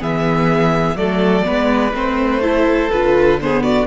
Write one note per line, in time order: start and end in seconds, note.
0.00 0.95 E3
0.00 0.97 B3
0.00 0.97 G#4
0.00 0.97 E5
0.95 1.43 F#3
0.95 1.44 A3
0.95 1.45 A4
0.95 1.94 D5
1.44 1.93 G#3
1.44 1.93 B3
1.44 2.42 B4
1.93 2.90 A3
1.93 2.41 C4
1.93 2.91 C5
2.41 2.90 E4
2.41 3.39 A4
2.91 3.87 D3
2.91 3.41 F4
2.91 3.40 B4
3.41 3.87 B3
3.41 3.63 G#4
3.41 3.63 C5
3.63 3.87 F#4
3.63 3.87 D5